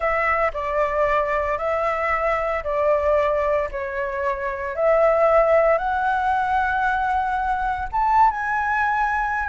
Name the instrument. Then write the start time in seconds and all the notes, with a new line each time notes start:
flute
0.00 E5
0.53 D5
1.58 E5
2.63 D5
3.71 C#5
4.75 E5
5.78 F#5
7.91 A5
8.30 G#5